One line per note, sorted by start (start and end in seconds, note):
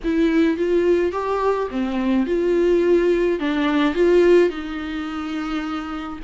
0.04 0.57 E4
0.57 1.11 F4
1.11 1.68 G4
1.70 2.26 C4
2.26 3.39 F4
3.39 3.94 D4
3.94 4.49 F4
4.49 6.19 D#4